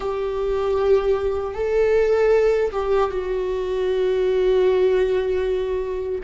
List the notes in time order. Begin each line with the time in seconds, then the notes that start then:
0.00 G4
1.54 A4
2.71 G4
3.10 F#4